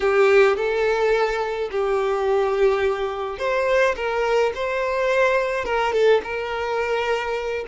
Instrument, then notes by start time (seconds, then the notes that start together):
violin
0.00 G4
0.56 A4
1.71 G4
3.38 C5
3.95 A#4
4.54 C5
5.64 A#4
5.92 A4
6.23 A#4